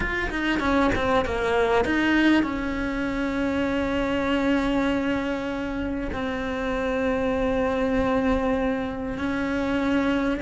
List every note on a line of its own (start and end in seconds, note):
0.00 0.29 F4
0.29 0.59 D#4
0.59 0.90 C#4
0.95 1.25 C4
1.25 1.84 A#3
1.84 2.42 D#4
2.42 6.10 C#4
6.12 9.18 C4
9.18 10.40 C#4